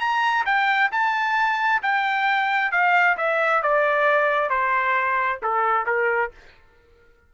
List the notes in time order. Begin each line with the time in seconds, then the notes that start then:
0.00 A#5
0.46 G5
0.92 A5
1.83 G5
2.72 F5
3.18 E5
3.63 D5
4.50 C5
5.42 A4
5.86 A#4